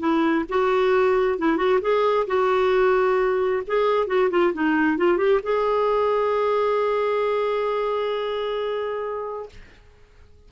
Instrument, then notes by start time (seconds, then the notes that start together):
clarinet
0.00 E4
0.49 F#4
1.39 E4
1.57 F#4
1.81 G#4
2.27 F#4
3.67 G#4
4.07 F#4
4.30 F4
4.53 D#4
4.97 F4
5.18 G4
5.43 G#4